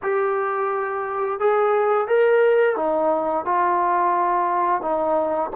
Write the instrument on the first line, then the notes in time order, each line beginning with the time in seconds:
trombone
0.02 G4
1.39 G#4
2.07 A#4
2.76 D#4
3.45 F4
4.81 D#4